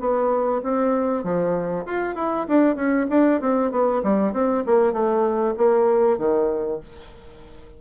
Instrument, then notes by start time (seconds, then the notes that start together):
bassoon
0.00 B3
0.63 C4
1.23 F3
1.86 F4
2.15 E4
2.48 D4
2.76 C#4
3.10 D4
3.41 C4
3.71 B3
4.03 G3
4.33 C4
4.66 A#3
4.93 A3
5.57 A#3
6.18 D#3